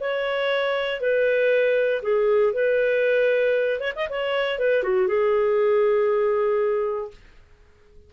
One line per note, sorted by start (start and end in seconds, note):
0.00 1.01 C#5
1.01 2.02 B4
2.02 2.53 G#4
2.53 3.80 B4
3.80 3.93 C#5
3.96 4.08 D#5
4.09 4.59 C#5
4.59 4.84 B4
4.84 5.08 F#4
5.08 7.11 G#4